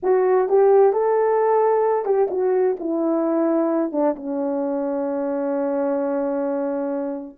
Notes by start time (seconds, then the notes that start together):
0.03 F#4
0.48 G4
0.92 A4
2.05 G4
2.30 F#4
2.79 E4
3.92 D4
4.16 C#4